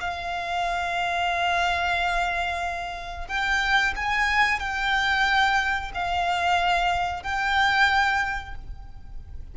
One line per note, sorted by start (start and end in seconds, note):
0.00 3.28 F5
3.28 3.94 G5
3.96 4.59 G#5
4.59 5.91 G5
5.94 7.23 F5
7.23 8.55 G5